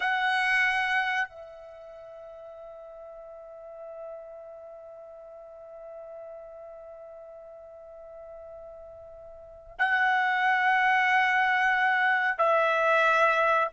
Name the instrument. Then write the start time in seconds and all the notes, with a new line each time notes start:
trumpet
0.00 F#5
1.28 E5
9.78 F#5
12.37 E5